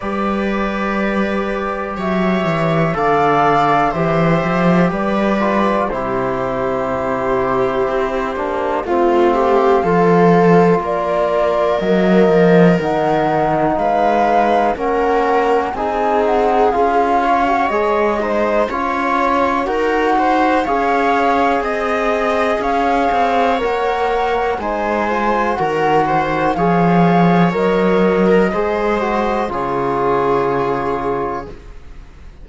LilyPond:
<<
  \new Staff \with { instrumentName = "flute" } { \time 4/4 \tempo 4 = 61 d''2 e''4 f''4 | e''4 d''4 c''2~ | c''4 f''2 d''4 | dis''4 fis''4 f''4 fis''4 |
gis''8 fis''8 f''4 dis''4 cis''4 | fis''4 f''4 dis''4 f''4 | fis''4 gis''4 fis''4 f''4 | dis''2 cis''2 | }
  \new Staff \with { instrumentName = "viola" } { \time 4/4 b'2 cis''4 d''4 | c''4 b'4 g'2~ | g'4 f'8 g'8 a'4 ais'4~ | ais'2 b'4 ais'4 |
gis'4. cis''4 c''8 cis''4 | ais'8 c''8 cis''4 dis''4 cis''4~ | cis''4 c''4 ais'8 c''8 cis''4~ | cis''8. ais'16 c''4 gis'2 | }
  \new Staff \with { instrumentName = "trombone" } { \time 4/4 g'2. a'4 | g'4. f'8 e'2~ | e'8 d'8 c'4 f'2 | ais4 dis'2 cis'4 |
dis'4 f'8. fis'16 gis'8 dis'8 f'4 | fis'4 gis'2. | ais'4 dis'8 f'8 fis'4 gis'4 | ais'4 gis'8 fis'8 f'2 | }
  \new Staff \with { instrumentName = "cello" } { \time 4/4 g2 fis8 e8 d4 | e8 f8 g4 c2 | c'8 ais8 a4 f4 ais4 | fis8 f8 dis4 gis4 ais4 |
c'4 cis'4 gis4 cis'4 | dis'4 cis'4 c'4 cis'8 c'8 | ais4 gis4 dis4 f4 | fis4 gis4 cis2 | }
>>